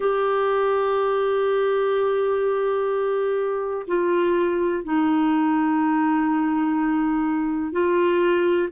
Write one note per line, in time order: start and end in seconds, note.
0.00 3.86 G4
3.87 4.84 F4
4.84 7.72 D#4
7.72 8.68 F4